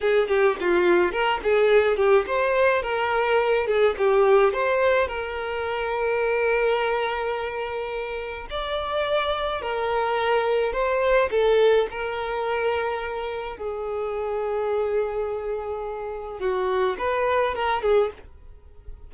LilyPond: \new Staff \with { instrumentName = "violin" } { \time 4/4 \tempo 4 = 106 gis'8 g'8 f'4 ais'8 gis'4 g'8 | c''4 ais'4. gis'8 g'4 | c''4 ais'2.~ | ais'2. d''4~ |
d''4 ais'2 c''4 | a'4 ais'2. | gis'1~ | gis'4 fis'4 b'4 ais'8 gis'8 | }